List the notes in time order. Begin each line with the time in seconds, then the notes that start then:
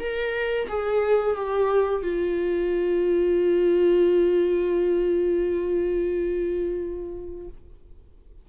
0.00 A#4
0.69 G#4
1.36 G4
2.03 F4